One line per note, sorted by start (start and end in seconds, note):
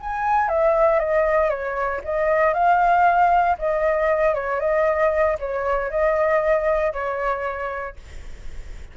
0.00 0.48 G#5
0.48 0.99 E5
0.99 1.50 D#5
1.50 2.01 C#5
2.04 2.54 D#5
2.54 3.57 F5
3.59 4.35 D#5
4.35 4.60 C#5
4.60 5.38 D#5
5.40 5.90 C#5
5.90 6.93 D#5
6.93 7.96 C#5